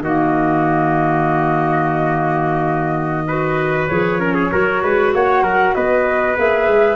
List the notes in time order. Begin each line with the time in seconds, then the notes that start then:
0.00 D#3 A#3 F#4 D#5
3.27 F#4 B4
3.87 F3 G#4 C#5
4.19 C#4 A#4
4.34 G#4
4.51 F#3 F#4 A#4
4.82 G#3 B4
5.12 A#3 C#5 F#5
5.42 F#3 A#4
5.74 B3 B4 D#5
6.36 A#3 G#4 E5
6.67 G#3